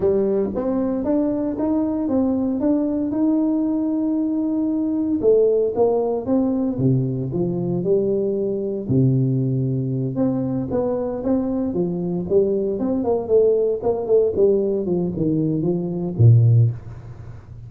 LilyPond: \new Staff \with { instrumentName = "tuba" } { \time 4/4 \tempo 4 = 115 g4 c'4 d'4 dis'4 | c'4 d'4 dis'2~ | dis'2 a4 ais4 | c'4 c4 f4 g4~ |
g4 c2~ c8 c'8~ | c'8 b4 c'4 f4 g8~ | g8 c'8 ais8 a4 ais8 a8 g8~ | g8 f8 dis4 f4 ais,4 | }